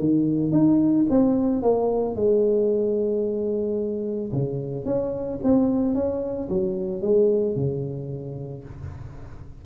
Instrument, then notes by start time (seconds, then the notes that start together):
tuba
0.00 D#3
0.52 D#4
1.10 C4
1.63 A#3
2.16 G#3
4.33 C#3
4.86 C#4
5.44 C4
5.95 C#4
6.49 F#3
7.02 G#3
7.56 C#3